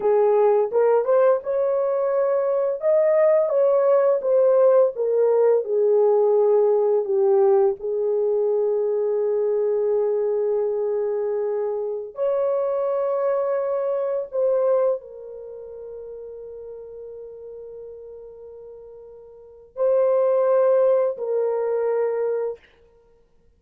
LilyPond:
\new Staff \with { instrumentName = "horn" } { \time 4/4 \tempo 4 = 85 gis'4 ais'8 c''8 cis''2 | dis''4 cis''4 c''4 ais'4 | gis'2 g'4 gis'4~ | gis'1~ |
gis'4~ gis'16 cis''2~ cis''8.~ | cis''16 c''4 ais'2~ ais'8.~ | ais'1 | c''2 ais'2 | }